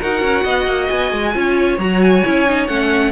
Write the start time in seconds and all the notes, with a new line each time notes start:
0.00 D#4 F#4 A#4 F#5
0.22 C#4
0.43 B3 D#5
0.66 A#3
0.89 B3 G#5
1.12 G#3
1.33 C#4 F4 C#5
1.78 F#3 F#4 A#5
2.01 G#5
2.24 C#4 E4
2.46 D#4
2.67 A3 C#4 F#5